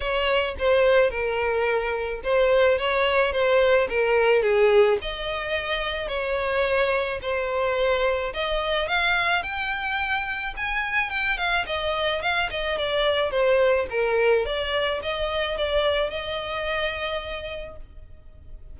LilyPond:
\new Staff \with { instrumentName = "violin" } { \time 4/4 \tempo 4 = 108 cis''4 c''4 ais'2 | c''4 cis''4 c''4 ais'4 | gis'4 dis''2 cis''4~ | cis''4 c''2 dis''4 |
f''4 g''2 gis''4 | g''8 f''8 dis''4 f''8 dis''8 d''4 | c''4 ais'4 d''4 dis''4 | d''4 dis''2. | }